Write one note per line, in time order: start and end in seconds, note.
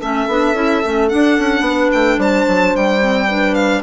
0.00 0.27 A3
0.00 0.29 C#4
0.00 1.64 A4
0.00 1.09 E5
0.27 0.54 B3
0.27 0.55 D4
0.54 0.81 C#4
0.54 0.82 E4
0.85 1.12 A3
0.85 1.10 C#4
1.09 3.01 D4
1.09 1.39 D4
1.09 1.91 F#5
1.39 1.61 C#4
1.61 1.88 B3
1.67 2.19 B4
1.92 2.18 A3
1.92 2.20 G5
2.18 2.45 G3
2.18 3.28 C5
2.18 2.76 A5
2.48 2.75 F#3
2.75 3.83 G3
2.75 3.55 G5
3.01 3.28 C4
3.28 3.83 D4
3.28 3.82 B4
3.55 3.82 F5